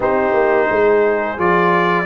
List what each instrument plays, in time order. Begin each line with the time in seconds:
0.00 tuba C4, trombone D#4, horn G4, trumpet C5
0.33 tuba A#3
0.69 tuba G#3, horn G#4
1.37 tuba F3, trombone F4, trumpet D5